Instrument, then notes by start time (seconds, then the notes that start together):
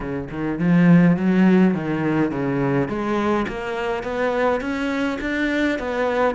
cello
0.00 C#3
0.30 D#3
0.58 F3
1.16 F#3
1.74 D#3
2.31 C#3
2.88 G#3
3.48 A#3
4.03 B3
4.60 C#4
5.21 D4
5.78 B3